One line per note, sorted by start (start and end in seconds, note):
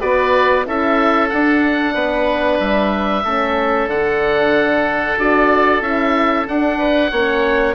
0.00 0.66 B3
0.00 0.65 F#4
0.00 0.65 B4
0.00 0.65 D5
0.66 1.31 C#4
0.66 1.30 E4
0.66 1.94 A4
0.66 1.29 E5
1.29 3.26 D4
1.29 1.94 D4
1.29 2.58 F#5
1.94 2.58 B3
1.94 3.23 B4
2.59 3.24 G3
2.59 3.89 E5
3.24 3.86 A3
3.24 3.90 C#4
3.24 6.78 A4
3.86 5.15 D3
3.86 5.17 D4
3.86 5.18 F#5
5.17 5.81 D4
5.17 5.81 F#4
5.17 5.82 D5
5.81 6.45 C#4
5.81 6.46 E4
5.81 6.47 E5
6.48 7.12 D4
6.48 7.11 D4
6.48 7.74 F#5
6.78 7.10 B4
7.11 7.74 A#3
7.11 7.74 C#4
7.11 7.74 C#5